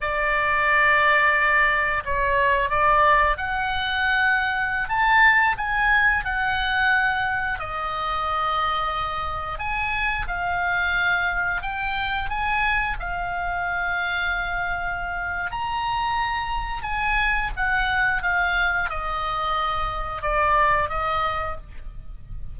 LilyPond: \new Staff \with { instrumentName = "oboe" } { \time 4/4 \tempo 4 = 89 d''2. cis''4 | d''4 fis''2~ fis''16 a''8.~ | a''16 gis''4 fis''2 dis''8.~ | dis''2~ dis''16 gis''4 f''8.~ |
f''4~ f''16 g''4 gis''4 f''8.~ | f''2. ais''4~ | ais''4 gis''4 fis''4 f''4 | dis''2 d''4 dis''4 | }